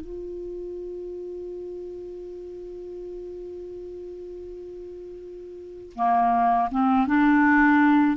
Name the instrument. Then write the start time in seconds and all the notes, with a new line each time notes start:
clarinet
0.00 F4
5.95 A#3
6.71 C4
7.07 D4